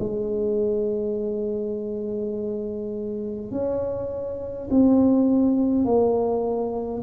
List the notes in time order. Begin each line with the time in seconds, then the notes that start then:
0.00 G#3
3.51 C#4
4.71 C4
5.85 A#3